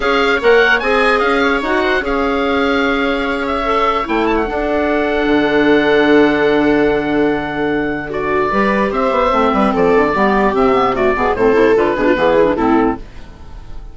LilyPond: <<
  \new Staff \with { instrumentName = "oboe" } { \time 4/4 \tempo 4 = 148 f''4 fis''4 gis''4 f''4 | fis''4 f''2.~ | f''8 e''4. g''8 a''16 fis''4~ fis''16~ | fis''1~ |
fis''1 | d''2 e''2 | d''2 e''4 d''4 | c''4 b'2 a'4 | }
  \new Staff \with { instrumentName = "viola" } { \time 4/4 cis''2 dis''4. cis''8~ | cis''8 c''8 cis''2.~ | cis''2. a'4~ | a'1~ |
a'1 | fis'4 b'4 c''4. b'8 | a'4 g'2 fis'8 gis'8 | a'4. gis'16 f'16 gis'4 e'4 | }
  \new Staff \with { instrumentName = "clarinet" } { \time 4/4 gis'4 ais'4 gis'2 | fis'4 gis'2.~ | gis'4 a'4 e'4 d'4~ | d'1~ |
d'1~ | d'4 g'2 c'4~ | c'4 b4 c'8 b8 a8 b8 | c'8 e'8 f'8 d'8 b8 e'16 d'16 c'4 | }
  \new Staff \with { instrumentName = "bassoon" } { \time 4/4 cis'4 ais4 c'4 cis'4 | dis'4 cis'2.~ | cis'2 a4 d'4~ | d'4 d2.~ |
d1~ | d4 g4 c'8 b8 a8 g8 | f8 d8 g4 c4. b,8 | a,8 c8 d8 b,8 e4 a,4 | }
>>